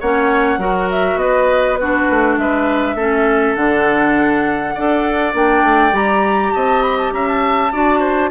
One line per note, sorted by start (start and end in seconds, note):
0.00 0.58 A#3
0.00 0.59 C#4
0.00 0.59 C#5
0.00 0.90 F#5
0.58 1.16 F#3
0.58 1.78 F#4
0.58 1.19 A#4
0.90 1.18 E5
1.16 2.05 B3
1.16 1.79 B4
1.16 1.76 D#5
1.76 2.99 D4
1.76 2.39 F#4
1.76 2.35 B4
2.10 2.38 A3
2.38 2.95 G#3
2.38 2.96 B4
2.38 3.56 E5
2.95 3.54 A3
2.95 3.56 C#4
2.95 4.74 A4
3.56 4.75 D3
3.56 4.75 D4
3.56 5.34 F#5
4.75 5.34 D4
4.75 5.34 A4
4.75 6.53 D5
5.34 5.63 A#3
5.34 5.92 D4
5.34 5.95 G5
5.63 5.92 A3
5.92 6.52 G3
5.92 7.70 G4
5.92 6.53 A#5
6.53 7.12 C4
6.53 7.13 D#5
6.53 6.82 A5
6.82 6.97 B5
6.98 7.12 A5
7.12 7.72 C#4
7.12 7.73 E5
7.12 7.27 A#5
7.28 8.30 A5
7.72 8.30 D4
7.72 8.30 F#4
7.72 8.00 D5
8.00 8.29 C5